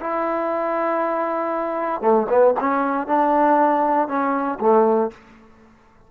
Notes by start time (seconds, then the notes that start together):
0.00 E4
2.01 A3
2.29 B3
2.60 C#4
3.07 D4
4.08 C#4
4.60 A3